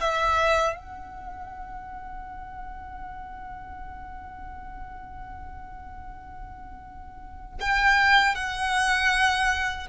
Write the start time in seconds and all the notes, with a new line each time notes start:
0.00 E5
0.76 F#5
7.60 G5
8.35 F#5